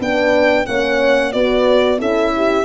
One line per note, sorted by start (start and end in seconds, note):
0.00 0.67 B3
0.00 0.67 D4
0.00 0.68 B4
0.00 0.66 G5
0.66 1.35 A#3
0.66 1.33 C#4
0.66 1.34 C#5
0.66 1.32 F#5
1.32 2.01 B3
1.32 1.98 F#4
1.32 1.99 B4
1.32 1.99 D5
1.98 2.65 C#4
1.98 2.65 E4
1.98 2.33 A4
1.98 2.65 E5
2.36 2.65 G4